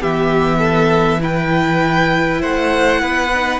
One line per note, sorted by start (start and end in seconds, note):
0.00 2.43 E3
0.00 1.20 B3
0.00 0.58 G4
0.00 1.23 E5
0.58 1.19 A4
1.20 3.29 E4
1.20 2.41 B4
1.20 2.43 G5
2.41 3.03 A3
2.41 3.01 C5
2.41 3.60 F#5
3.02 3.60 B3
3.02 3.60 B4
3.35 3.60 D#4